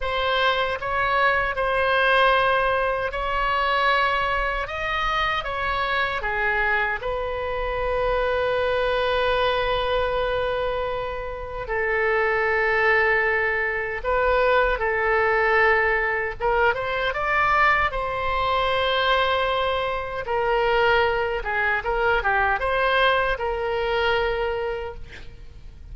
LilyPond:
\new Staff \with { instrumentName = "oboe" } { \time 4/4 \tempo 4 = 77 c''4 cis''4 c''2 | cis''2 dis''4 cis''4 | gis'4 b'2.~ | b'2. a'4~ |
a'2 b'4 a'4~ | a'4 ais'8 c''8 d''4 c''4~ | c''2 ais'4. gis'8 | ais'8 g'8 c''4 ais'2 | }